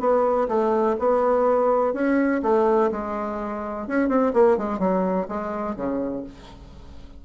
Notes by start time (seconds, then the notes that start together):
0.00 B3
0.48 A3
0.99 B3
1.93 C#4
2.43 A3
2.91 G#3
3.87 C#4
4.08 C4
4.33 A#3
4.57 G#3
4.79 F#3
5.28 G#3
5.76 C#3